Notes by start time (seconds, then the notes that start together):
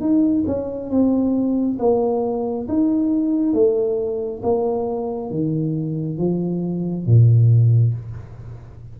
0.00 D#4
0.46 C#4
0.89 C4
1.79 A#3
2.68 D#4
3.53 A3
4.42 A#3
5.30 D#3
6.17 F3
7.05 A#2